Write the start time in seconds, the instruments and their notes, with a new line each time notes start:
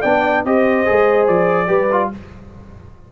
0.00 tuba B3, trombone D4, horn D5, trumpet G5
0.45 tuba C4, trombone G4, horn C5, trumpet D#5
0.86 tuba G#3, trombone G#4
1.27 tuba F3, trumpet D5
1.67 tuba G3, trombone G4, horn B4
1.92 trombone F4